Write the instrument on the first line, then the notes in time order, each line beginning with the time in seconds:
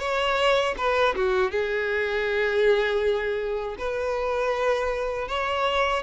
violin
0.00 C#5
0.78 B4
1.16 F#4
1.51 G#4
3.78 B4
5.29 C#5